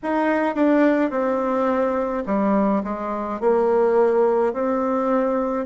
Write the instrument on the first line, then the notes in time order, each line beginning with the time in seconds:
bassoon
0.03 D#4
0.55 D4
1.10 C4
2.26 G3
2.83 G#3
3.40 A#3
4.53 C4